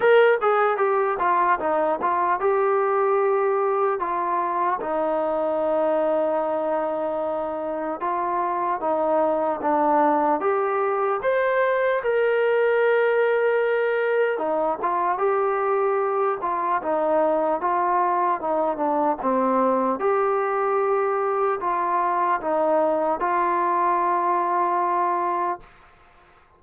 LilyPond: \new Staff \with { instrumentName = "trombone" } { \time 4/4 \tempo 4 = 75 ais'8 gis'8 g'8 f'8 dis'8 f'8 g'4~ | g'4 f'4 dis'2~ | dis'2 f'4 dis'4 | d'4 g'4 c''4 ais'4~ |
ais'2 dis'8 f'8 g'4~ | g'8 f'8 dis'4 f'4 dis'8 d'8 | c'4 g'2 f'4 | dis'4 f'2. | }